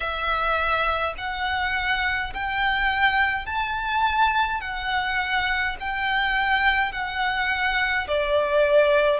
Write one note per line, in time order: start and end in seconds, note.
0.00 1.14 E5
1.17 2.33 F#5
2.33 3.46 G5
3.46 4.60 A5
4.60 5.76 F#5
5.80 6.92 G5
6.92 8.07 F#5
8.07 9.19 D5